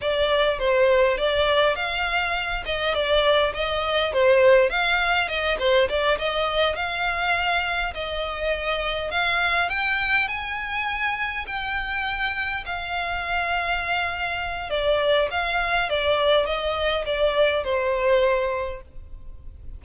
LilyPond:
\new Staff \with { instrumentName = "violin" } { \time 4/4 \tempo 4 = 102 d''4 c''4 d''4 f''4~ | f''8 dis''8 d''4 dis''4 c''4 | f''4 dis''8 c''8 d''8 dis''4 f''8~ | f''4. dis''2 f''8~ |
f''8 g''4 gis''2 g''8~ | g''4. f''2~ f''8~ | f''4 d''4 f''4 d''4 | dis''4 d''4 c''2 | }